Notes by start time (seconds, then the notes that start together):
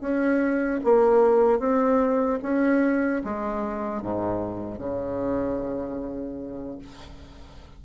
0.00 C#4
0.84 A#3
1.59 C4
2.42 C#4
3.24 G#3
4.02 G#2
4.78 C#3